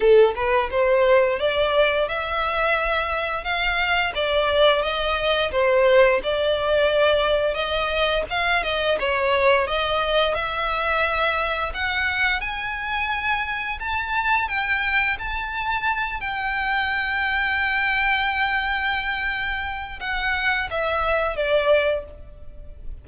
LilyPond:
\new Staff \with { instrumentName = "violin" } { \time 4/4 \tempo 4 = 87 a'8 b'8 c''4 d''4 e''4~ | e''4 f''4 d''4 dis''4 | c''4 d''2 dis''4 | f''8 dis''8 cis''4 dis''4 e''4~ |
e''4 fis''4 gis''2 | a''4 g''4 a''4. g''8~ | g''1~ | g''4 fis''4 e''4 d''4 | }